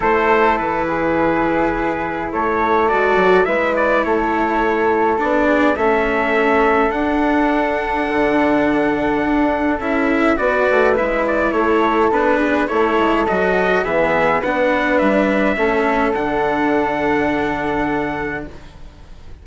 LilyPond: <<
  \new Staff \with { instrumentName = "trumpet" } { \time 4/4 \tempo 4 = 104 c''4 b'2. | cis''4 d''4 e''8 d''8 cis''4~ | cis''4 d''4 e''2 | fis''1~ |
fis''4 e''4 d''4 e''8 d''8 | cis''4 b'4 cis''4 dis''4 | e''4 fis''4 e''2 | fis''1 | }
  \new Staff \with { instrumentName = "flute" } { \time 4/4 a'4. gis'2~ gis'8 | a'2 b'4 a'4~ | a'4. gis'8 a'2~ | a'1~ |
a'2 b'2 | a'4. gis'8 a'2 | gis'4 b'2 a'4~ | a'1 | }
  \new Staff \with { instrumentName = "cello" } { \time 4/4 e'1~ | e'4 fis'4 e'2~ | e'4 d'4 cis'2 | d'1~ |
d'4 e'4 fis'4 e'4~ | e'4 d'4 e'4 fis'4 | b4 d'2 cis'4 | d'1 | }
  \new Staff \with { instrumentName = "bassoon" } { \time 4/4 a4 e2. | a4 gis8 fis8 gis4 a4~ | a4 b4 a2 | d'2 d2 |
d'4 cis'4 b8 a8 gis4 | a4 b4 a8 gis8 fis4 | e4 b4 g4 a4 | d1 | }
>>